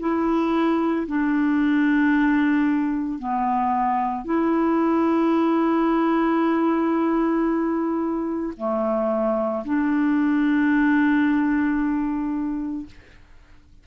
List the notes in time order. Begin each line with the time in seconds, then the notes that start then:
0.00 E4
1.08 D4
3.19 B3
4.25 E4
8.57 A3
9.65 D4